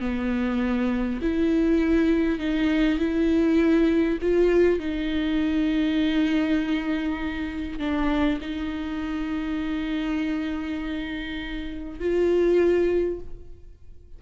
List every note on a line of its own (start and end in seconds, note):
0.00 1.20 B3
1.22 2.39 E4
2.39 2.99 D#4
2.99 4.19 E4
4.22 4.79 F4
4.79 7.79 D#4
7.79 8.39 D4
8.41 12.00 D#4
12.00 13.20 F4